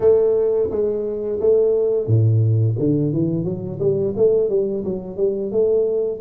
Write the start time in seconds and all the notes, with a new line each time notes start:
0.00 A3
0.70 G#3
1.39 A3
2.06 A2
2.78 D3
3.13 E3
3.44 F#3
3.79 G3
4.16 A3
4.49 G3
4.84 F#3
5.17 G3
5.51 A3